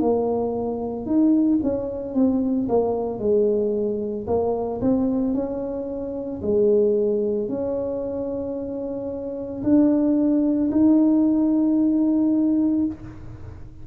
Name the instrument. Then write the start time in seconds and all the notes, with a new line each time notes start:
tuba
0.00 A#3
1.05 D#4
1.63 C#4
2.14 C4
2.68 A#3
3.19 G#3
4.27 A#3
4.81 C4
5.33 C#4
6.41 G#3
7.48 C#4
9.63 D4
10.71 D#4